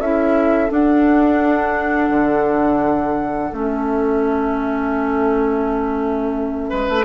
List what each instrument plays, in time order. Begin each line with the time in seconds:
0.00 bassoon C#4, clarinet E4, oboe A4, flute E5
0.69 clarinet D4, bassoon D4, flute F#5
2.10 bassoon D3
3.53 bassoon A3, clarinet C#4, flute E5
6.70 bassoon G#3, oboe B4
6.89 bassoon A3